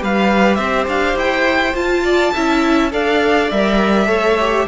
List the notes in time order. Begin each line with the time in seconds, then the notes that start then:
0.00 G3 G4 B4 F5
0.56 C4 C5 E5
0.88 D4 F5
1.15 E4 G5
1.75 F4 A5
2.04 D5
2.34 C#4 E4 E5
2.92 D4 A4 D5 F5
3.51 G3 A#4 E5
4.07 A3 A4 C#5
4.40 G4